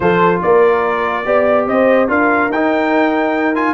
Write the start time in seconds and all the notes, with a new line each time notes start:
0.00 F3 F4 A4 C5
0.42 A#3 A#4 D5
1.24 B3 G4 D5
1.66 C4 C5 D#5
2.07 D4 F4 A#4 F5
2.49 D#4 G5
3.54 F4 G#5